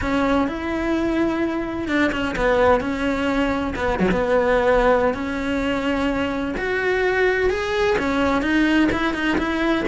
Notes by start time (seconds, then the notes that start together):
0.01 C#4
0.47 E4
1.87 D4
2.12 C#4
2.35 B3
2.80 C#4
3.75 B3
3.99 F#3
4.11 B3
5.14 C#4
6.57 F#4
7.50 G#4
7.98 C#4
8.42 D#4
8.92 E4
9.14 D#4
9.37 E4